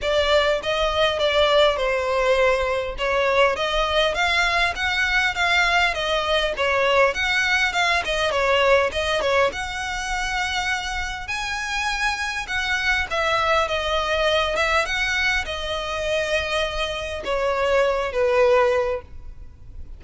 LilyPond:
\new Staff \with { instrumentName = "violin" } { \time 4/4 \tempo 4 = 101 d''4 dis''4 d''4 c''4~ | c''4 cis''4 dis''4 f''4 | fis''4 f''4 dis''4 cis''4 | fis''4 f''8 dis''8 cis''4 dis''8 cis''8 |
fis''2. gis''4~ | gis''4 fis''4 e''4 dis''4~ | dis''8 e''8 fis''4 dis''2~ | dis''4 cis''4. b'4. | }